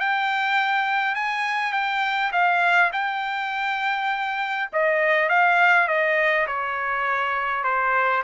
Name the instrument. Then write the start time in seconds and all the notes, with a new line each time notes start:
trumpet
0.00 G5
1.15 G#5
1.73 G5
2.32 F5
2.93 G5
4.72 D#5
5.29 F5
5.88 D#5
6.47 C#5
7.64 C5